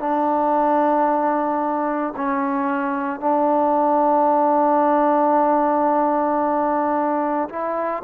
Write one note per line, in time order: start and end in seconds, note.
0.00 2.14 D4
2.16 3.20 C#4
3.20 7.49 D4
7.50 8.03 E4